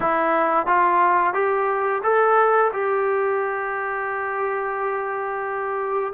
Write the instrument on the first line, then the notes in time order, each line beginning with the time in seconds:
trombone
0.00 E4
0.66 F4
1.33 G4
2.03 A4
2.72 G4